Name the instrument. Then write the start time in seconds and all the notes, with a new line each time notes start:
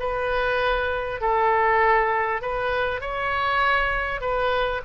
oboe
0.00 B4
1.21 A4
2.42 B4
3.01 C#5
4.21 B4